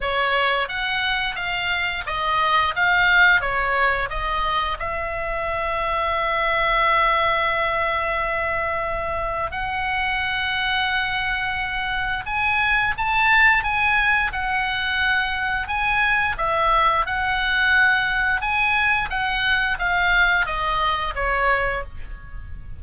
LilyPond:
\new Staff \with { instrumentName = "oboe" } { \time 4/4 \tempo 4 = 88 cis''4 fis''4 f''4 dis''4 | f''4 cis''4 dis''4 e''4~ | e''1~ | e''2 fis''2~ |
fis''2 gis''4 a''4 | gis''4 fis''2 gis''4 | e''4 fis''2 gis''4 | fis''4 f''4 dis''4 cis''4 | }